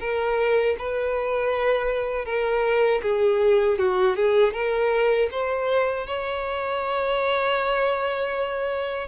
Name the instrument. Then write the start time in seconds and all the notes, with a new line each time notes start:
violin
0.00 A#4
0.78 B4
2.25 A#4
3.02 G#4
3.79 F#4
4.16 G#4
4.53 A#4
5.31 C5
6.07 C#5